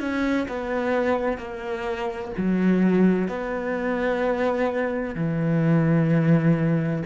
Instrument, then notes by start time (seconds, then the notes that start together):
cello
0.00 C#4
0.48 B3
1.38 A#3
2.37 F#3
3.28 B3
5.15 E3